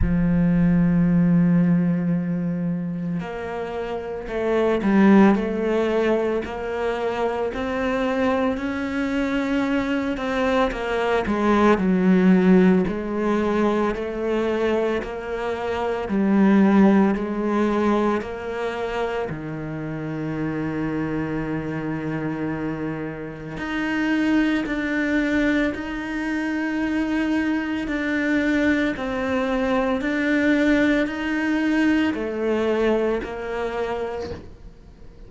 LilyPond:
\new Staff \with { instrumentName = "cello" } { \time 4/4 \tempo 4 = 56 f2. ais4 | a8 g8 a4 ais4 c'4 | cis'4. c'8 ais8 gis8 fis4 | gis4 a4 ais4 g4 |
gis4 ais4 dis2~ | dis2 dis'4 d'4 | dis'2 d'4 c'4 | d'4 dis'4 a4 ais4 | }